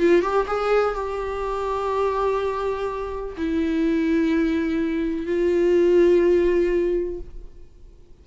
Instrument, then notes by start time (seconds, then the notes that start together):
viola
0.00 F4
0.22 G4
0.47 G#4
0.95 G4
3.37 E4
5.26 F4